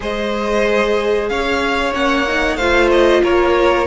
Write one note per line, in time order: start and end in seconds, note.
0.00 1.29 G#3
0.00 1.92 G#4
0.00 1.30 C5
0.00 1.28 D#5
1.28 1.93 C#4
1.28 2.57 C#5
1.28 1.93 F5
1.92 2.56 A#3
1.92 2.25 C#4
1.92 2.56 F#5
2.28 2.60 D#4
2.56 3.20 A3
2.56 3.86 F4
2.56 3.21 C5
2.56 2.88 F5
2.91 3.23 D#5
3.22 3.86 A#3
3.22 3.86 A#4
3.22 3.86 C#5